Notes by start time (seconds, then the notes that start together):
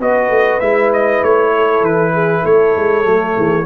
0.00 B3 F#4 B4 D#5
0.29 A3
0.60 G#3 E4 E5
0.93 D#5
1.23 A3 C#5
1.56 A4
1.82 E3 B4
2.14 G#4
2.41 A3 A4 C#5
2.77 G#3
3.04 F#3 A3
3.36 E3 G#4